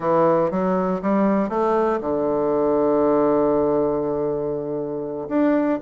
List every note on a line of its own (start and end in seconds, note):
0.00 0.50 E3
0.50 1.01 F#3
1.02 1.49 G3
1.49 1.99 A3
2.00 5.28 D3
5.28 5.79 D4